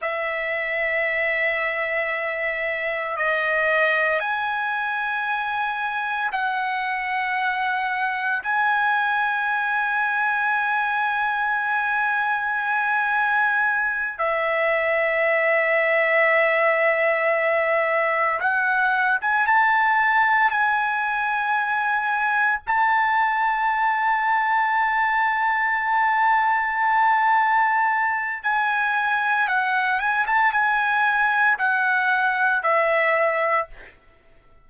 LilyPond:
\new Staff \with { instrumentName = "trumpet" } { \time 4/4 \tempo 4 = 57 e''2. dis''4 | gis''2 fis''2 | gis''1~ | gis''4. e''2~ e''8~ |
e''4. fis''8. gis''16 a''4 gis''8~ | gis''4. a''2~ a''8~ | a''2. gis''4 | fis''8 gis''16 a''16 gis''4 fis''4 e''4 | }